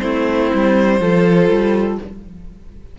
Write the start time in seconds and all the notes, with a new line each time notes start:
0.00 A3 C4 E4 C5
0.54 G3
1.01 F3 F4 A4
1.49 G3